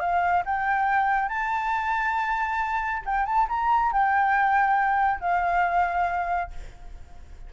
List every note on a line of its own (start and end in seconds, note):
0.00 0.43 F5
0.46 1.29 G5
1.29 3.03 A5
3.06 3.26 G5
3.26 3.48 A5
3.49 3.92 A#5
3.92 5.21 G5
5.21 6.51 F5